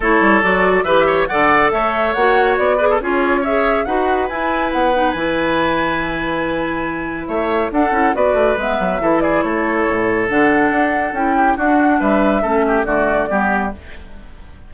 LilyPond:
<<
  \new Staff \with { instrumentName = "flute" } { \time 4/4 \tempo 4 = 140 cis''4 d''4 e''4 fis''4 | e''4 fis''4 d''4 cis''4 | e''4 fis''4 gis''4 fis''4 | gis''1~ |
gis''4 e''4 fis''4 d''4 | e''4. d''8 cis''2 | fis''2 g''4 fis''4 | e''2 d''2 | }
  \new Staff \with { instrumentName = "oboe" } { \time 4/4 a'2 b'8 cis''8 d''4 | cis''2~ cis''8 b'16 a'16 gis'4 | cis''4 b'2.~ | b'1~ |
b'4 cis''4 a'4 b'4~ | b'4 a'8 gis'8 a'2~ | a'2~ a'8 g'8 fis'4 | b'4 a'8 g'8 fis'4 g'4 | }
  \new Staff \with { instrumentName = "clarinet" } { \time 4/4 e'4 fis'4 g'4 a'4~ | a'4 fis'4. gis'8 f'4 | gis'4 fis'4 e'4. dis'8 | e'1~ |
e'2 d'8 e'8 fis'4 | b4 e'2. | d'2 e'4 d'4~ | d'4 cis'4 a4 b4 | }
  \new Staff \with { instrumentName = "bassoon" } { \time 4/4 a8 g8 fis4 e4 d4 | a4 ais4 b4 cis'4~ | cis'4 dis'4 e'4 b4 | e1~ |
e4 a4 d'8 cis'8 b8 a8 | gis8 fis8 e4 a4 a,4 | d4 d'4 cis'4 d'4 | g4 a4 d4 g4 | }
>>